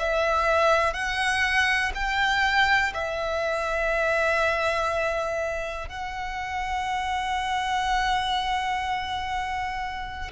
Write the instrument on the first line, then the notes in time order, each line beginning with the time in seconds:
violin
0.00 E5
0.94 F#5
1.95 G5
2.94 E5
5.89 F#5